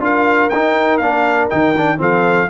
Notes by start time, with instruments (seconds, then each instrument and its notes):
0.00 tuba D4, trombone F4, horn A#4, trumpet F5
0.50 tuba D#4, trombone D#4, trumpet G5
0.98 tuba A#3, trombone D4, trumpet F5
1.50 tuba D#3, trombone D#4, trumpet G5
1.77 trombone D4
1.98 tuba F3, trombone C4, horn A4, trumpet F5